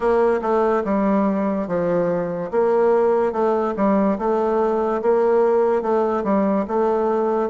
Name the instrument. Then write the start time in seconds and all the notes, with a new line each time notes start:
bassoon
0.00 A#3
0.41 A3
0.84 G3
1.67 F3
2.51 A#3
3.32 A3
3.76 G3
4.18 A3
5.02 A#3
5.81 A3
6.23 G3
6.67 A3